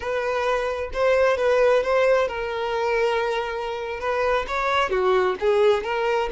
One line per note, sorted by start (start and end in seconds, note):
0.00 0.90 B4
0.93 1.37 C5
1.37 1.83 B4
1.83 2.28 C5
2.28 4.00 A#4
4.00 4.45 B4
4.47 4.89 C#5
4.89 5.35 F#4
5.39 5.83 G#4
5.83 6.29 A#4